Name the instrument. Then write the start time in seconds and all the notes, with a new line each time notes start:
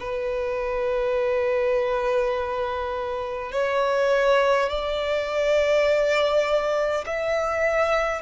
violin
0.00 B4
3.52 C#5
4.70 D5
7.06 E5